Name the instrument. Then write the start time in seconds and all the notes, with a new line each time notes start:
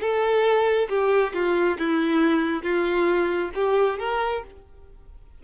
violin
0.00 A4
0.89 G4
1.34 F4
1.78 E4
2.63 F4
3.55 G4
3.99 A#4